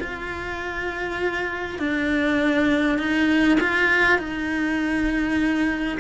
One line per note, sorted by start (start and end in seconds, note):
0.00 1.79 F4
1.79 2.99 D4
2.99 3.59 D#4
3.61 4.19 F4
4.19 5.99 D#4